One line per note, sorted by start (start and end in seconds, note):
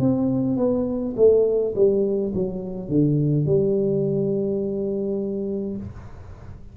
0.00 0.57 C4
0.57 1.15 B3
1.16 1.74 A3
1.75 2.33 G3
2.34 2.88 F#3
2.88 3.46 D3
3.46 5.77 G3